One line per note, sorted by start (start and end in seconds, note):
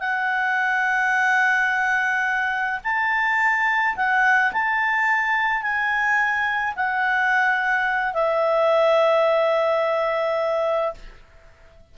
0.00 2.80 F#5
2.84 3.96 A5
3.96 4.52 F#5
4.53 5.62 A5
5.62 6.74 G#5
6.76 8.14 F#5
8.14 10.94 E5